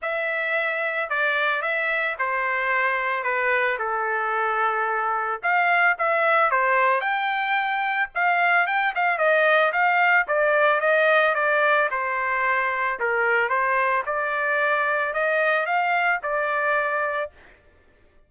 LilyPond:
\new Staff \with { instrumentName = "trumpet" } { \time 4/4 \tempo 4 = 111 e''2 d''4 e''4 | c''2 b'4 a'4~ | a'2 f''4 e''4 | c''4 g''2 f''4 |
g''8 f''8 dis''4 f''4 d''4 | dis''4 d''4 c''2 | ais'4 c''4 d''2 | dis''4 f''4 d''2 | }